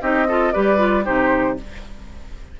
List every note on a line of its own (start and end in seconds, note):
0.00 0.54 C4
0.00 0.26 D#4
0.00 0.27 G4
0.00 0.51 D#5
0.27 0.53 F4
0.27 0.52 A4
0.51 1.07 G3
0.51 0.77 G4
0.51 1.04 B4
0.51 1.04 D5
0.77 1.03 F4
1.04 1.59 C3
1.04 1.56 D#4
1.04 1.56 G4
1.04 1.57 C5